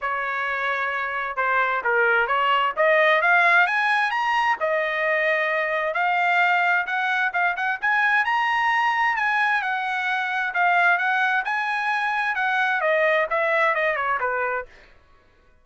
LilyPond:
\new Staff \with { instrumentName = "trumpet" } { \time 4/4 \tempo 4 = 131 cis''2. c''4 | ais'4 cis''4 dis''4 f''4 | gis''4 ais''4 dis''2~ | dis''4 f''2 fis''4 |
f''8 fis''8 gis''4 ais''2 | gis''4 fis''2 f''4 | fis''4 gis''2 fis''4 | dis''4 e''4 dis''8 cis''8 b'4 | }